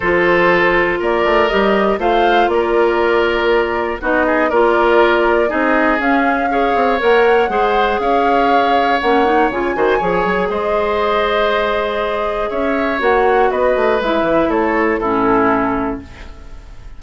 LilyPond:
<<
  \new Staff \with { instrumentName = "flute" } { \time 4/4 \tempo 4 = 120 c''2 d''4 dis''4 | f''4 d''2. | dis''4 d''2 dis''4 | f''2 fis''2 |
f''2 fis''4 gis''4~ | gis''4 dis''2.~ | dis''4 e''4 fis''4 dis''4 | e''4 cis''4 a'2 | }
  \new Staff \with { instrumentName = "oboe" } { \time 4/4 a'2 ais'2 | c''4 ais'2. | fis'8 gis'8 ais'2 gis'4~ | gis'4 cis''2 c''4 |
cis''2.~ cis''8 c''8 | cis''4 c''2.~ | c''4 cis''2 b'4~ | b'4 a'4 e'2 | }
  \new Staff \with { instrumentName = "clarinet" } { \time 4/4 f'2. g'4 | f'1 | dis'4 f'2 dis'4 | cis'4 gis'4 ais'4 gis'4~ |
gis'2 cis'8 dis'8 f'8 fis'8 | gis'1~ | gis'2 fis'2 | e'2 cis'2 | }
  \new Staff \with { instrumentName = "bassoon" } { \time 4/4 f2 ais8 a8 g4 | a4 ais2. | b4 ais2 c'4 | cis'4. c'8 ais4 gis4 |
cis'2 ais4 cis8 dis8 | f8 fis8 gis2.~ | gis4 cis'4 ais4 b8 a8 | gis8 e8 a4 a,2 | }
>>